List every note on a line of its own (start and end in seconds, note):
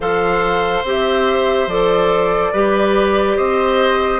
0.00 0.83 F3
0.00 0.85 A4
0.00 2.52 C5
0.00 0.85 F5
0.83 1.66 C4
0.83 1.69 G4
0.83 1.68 E5
1.66 2.51 F3
1.66 2.54 A4
1.66 3.37 D5
2.52 3.37 G3
2.52 4.20 G4
2.52 3.36 B4
3.36 4.20 C4
3.36 4.20 C5
3.36 4.20 D#5